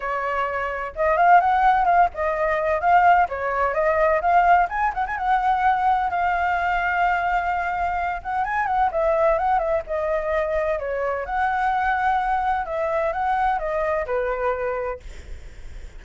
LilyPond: \new Staff \with { instrumentName = "flute" } { \time 4/4 \tempo 4 = 128 cis''2 dis''8 f''8 fis''4 | f''8 dis''4. f''4 cis''4 | dis''4 f''4 gis''8 fis''16 gis''16 fis''4~ | fis''4 f''2.~ |
f''4. fis''8 gis''8 fis''8 e''4 | fis''8 e''8 dis''2 cis''4 | fis''2. e''4 | fis''4 dis''4 b'2 | }